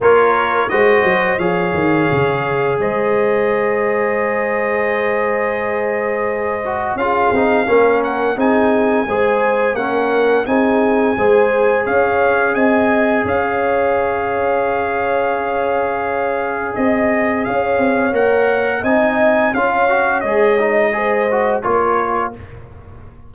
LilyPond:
<<
  \new Staff \with { instrumentName = "trumpet" } { \time 4/4 \tempo 4 = 86 cis''4 dis''4 f''2 | dis''1~ | dis''2 f''4. fis''8 | gis''2 fis''4 gis''4~ |
gis''4 f''4 gis''4 f''4~ | f''1 | dis''4 f''4 fis''4 gis''4 | f''4 dis''2 cis''4 | }
  \new Staff \with { instrumentName = "horn" } { \time 4/4 ais'4 c''4 cis''2 | c''1~ | c''2 gis'4 ais'4 | gis'4 c''4 ais'4 gis'4 |
c''4 cis''4 dis''4 cis''4~ | cis''1 | dis''4 cis''2 dis''4 | cis''2 c''4 ais'4 | }
  \new Staff \with { instrumentName = "trombone" } { \time 4/4 f'4 fis'4 gis'2~ | gis'1~ | gis'4. fis'8 f'8 dis'8 cis'4 | dis'4 gis'4 cis'4 dis'4 |
gis'1~ | gis'1~ | gis'2 ais'4 dis'4 | f'8 fis'8 gis'8 dis'8 gis'8 fis'8 f'4 | }
  \new Staff \with { instrumentName = "tuba" } { \time 4/4 ais4 gis8 fis8 f8 dis8 cis4 | gis1~ | gis2 cis'8 c'8 ais4 | c'4 gis4 ais4 c'4 |
gis4 cis'4 c'4 cis'4~ | cis'1 | c'4 cis'8 c'8 ais4 c'4 | cis'4 gis2 ais4 | }
>>